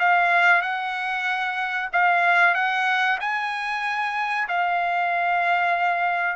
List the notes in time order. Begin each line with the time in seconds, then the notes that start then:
0.00 F5
0.62 F#5
1.93 F5
2.55 F#5
3.21 G#5
4.49 F5